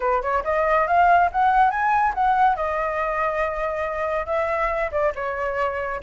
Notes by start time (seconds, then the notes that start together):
0.00 B4
0.21 C#5
0.44 D#5
0.87 F5
1.32 F#5
1.70 G#5
2.14 F#5
2.56 D#5
4.26 E5
4.91 D5
5.15 C#5